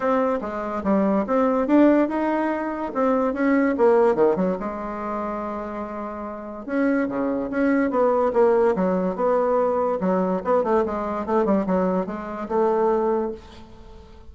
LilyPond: \new Staff \with { instrumentName = "bassoon" } { \time 4/4 \tempo 4 = 144 c'4 gis4 g4 c'4 | d'4 dis'2 c'4 | cis'4 ais4 dis8 fis8 gis4~ | gis1 |
cis'4 cis4 cis'4 b4 | ais4 fis4 b2 | fis4 b8 a8 gis4 a8 g8 | fis4 gis4 a2 | }